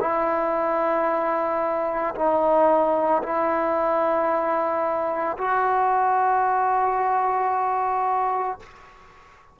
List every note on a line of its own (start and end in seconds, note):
0.00 2.14 E4
2.15 3.22 D#4
3.22 5.37 E4
5.38 8.59 F#4